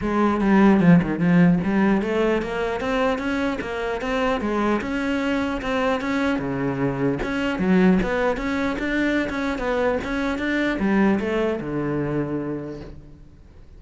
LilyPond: \new Staff \with { instrumentName = "cello" } { \time 4/4 \tempo 4 = 150 gis4 g4 f8 dis8 f4 | g4 a4 ais4 c'4 | cis'4 ais4 c'4 gis4 | cis'2 c'4 cis'4 |
cis2 cis'4 fis4 | b4 cis'4 d'4~ d'16 cis'8. | b4 cis'4 d'4 g4 | a4 d2. | }